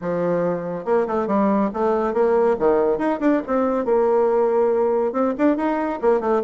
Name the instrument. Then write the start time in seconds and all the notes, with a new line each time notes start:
bassoon
0.01 F3
0.85 A#3
1.07 A3
1.27 G3
1.73 A3
2.13 A#3
2.59 D#3
2.98 D#4
3.20 D4
3.46 C4
3.85 A#3
5.12 C4
5.37 D4
5.56 D#4
6.01 A#3
6.20 A3